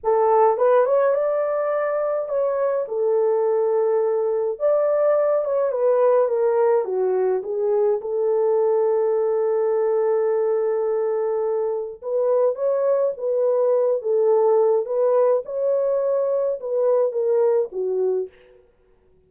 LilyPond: \new Staff \with { instrumentName = "horn" } { \time 4/4 \tempo 4 = 105 a'4 b'8 cis''8 d''2 | cis''4 a'2. | d''4. cis''8 b'4 ais'4 | fis'4 gis'4 a'2~ |
a'1~ | a'4 b'4 cis''4 b'4~ | b'8 a'4. b'4 cis''4~ | cis''4 b'4 ais'4 fis'4 | }